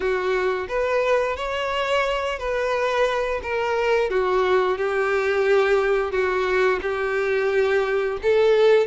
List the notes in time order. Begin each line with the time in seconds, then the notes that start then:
0.00 F#4
0.68 B4
1.36 C#5
2.38 B4
3.42 A#4
4.10 F#4
4.77 G4
6.11 F#4
6.81 G4
8.22 A4